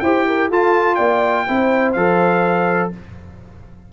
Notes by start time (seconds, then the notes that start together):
0.00 E4 G4 C5 G5
0.27 A#4
0.49 F4 A4 A5
0.95 A#3 D5 G5
1.48 C4 E4 C5
1.93 F3 A4 F5